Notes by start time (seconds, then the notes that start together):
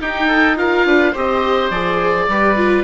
0.00 D#4 G4 G5
0.27 A4
0.56 F4 A#4 F5
0.85 D4 B4
1.11 C4 G4 C5
1.17 D#5
1.70 F3 G#4 D5
2.27 G3 G4 B4
2.56 F4